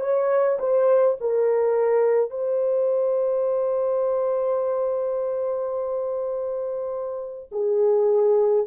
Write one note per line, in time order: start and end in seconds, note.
0.00 0.58 C#5
0.59 1.16 C5
1.20 2.30 A#4
2.30 7.49 C5
7.51 8.66 G#4